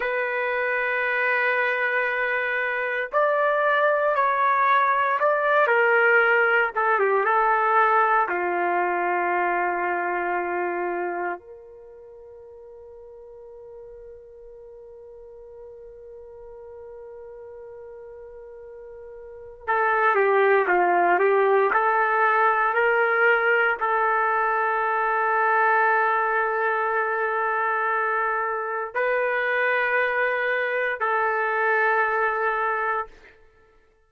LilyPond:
\new Staff \with { instrumentName = "trumpet" } { \time 4/4 \tempo 4 = 58 b'2. d''4 | cis''4 d''8 ais'4 a'16 g'16 a'4 | f'2. ais'4~ | ais'1~ |
ais'2. a'8 g'8 | f'8 g'8 a'4 ais'4 a'4~ | a'1 | b'2 a'2 | }